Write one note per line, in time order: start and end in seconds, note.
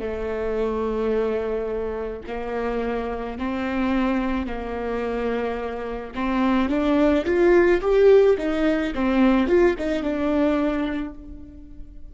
0.00 2.22 A3
2.28 3.38 A#3
3.38 4.47 C4
4.47 6.14 A#3
6.15 6.69 C4
6.69 7.25 D4
7.25 7.81 F4
7.81 8.37 G4
8.38 8.93 D#4
8.95 9.47 C4
9.47 9.75 F4
9.78 10.03 D#4
10.03 11.14 D4